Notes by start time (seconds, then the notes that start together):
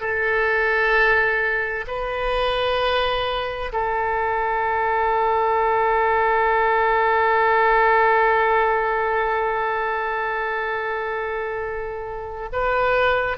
0.00 A4
1.87 B4
3.72 A4
12.52 B4